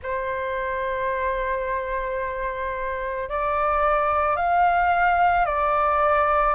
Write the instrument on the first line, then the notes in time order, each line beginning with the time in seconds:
flute
0.02 C5
3.29 D5
4.36 F5
5.45 D5